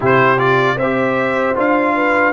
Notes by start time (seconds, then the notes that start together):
0.00 C3 E4 G4 C5
0.37 F4 D5
0.76 C4 C5 E5
0.82 G4
1.55 D4 F4 F5
1.95 B4